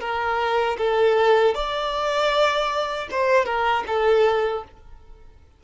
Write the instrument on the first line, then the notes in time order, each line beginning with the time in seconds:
violin
0.00 A#4
0.78 A4
1.55 D5
3.11 C5
3.45 A#4
3.87 A4